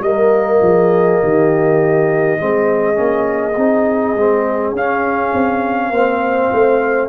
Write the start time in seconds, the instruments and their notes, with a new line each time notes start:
0.00 tuba G3, trombone A#3, horn A#4, trumpet D#5
0.62 tuba F3, horn G#4
1.22 tuba D#3, horn G4
2.38 tuba G#3, trombone C4, horn G#4
2.94 tuba A#3, trombone C#4
3.57 tuba C4, trombone D#4
4.15 tuba G#3, trombone C4
4.72 tuba C#4, trombone C#4, trumpet F5
5.34 tuba C4
5.90 tuba A#3, trombone C4, horn C5
6.53 tuba A3